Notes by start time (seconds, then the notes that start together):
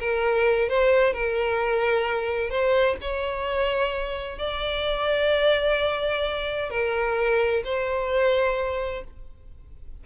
0.00 A#4
0.69 C5
1.14 A#4
2.50 C5
3.02 C#5
4.39 D5
6.70 A#4
7.65 C5